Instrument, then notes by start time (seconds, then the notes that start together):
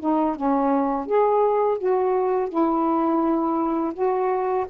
saxophone
0.00 D#4
0.36 C#4
1.06 G#4
1.78 F#4
2.49 E4
3.94 F#4